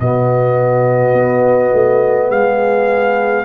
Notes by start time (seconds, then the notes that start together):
0.00 B2 B3 F#4 D#5
1.13 B3
1.74 A3
2.30 G#3 G#4 F5